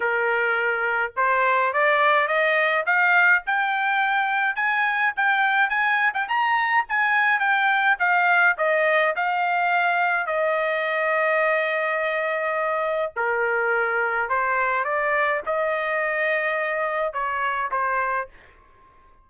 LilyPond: \new Staff \with { instrumentName = "trumpet" } { \time 4/4 \tempo 4 = 105 ais'2 c''4 d''4 | dis''4 f''4 g''2 | gis''4 g''4 gis''8. g''16 ais''4 | gis''4 g''4 f''4 dis''4 |
f''2 dis''2~ | dis''2. ais'4~ | ais'4 c''4 d''4 dis''4~ | dis''2 cis''4 c''4 | }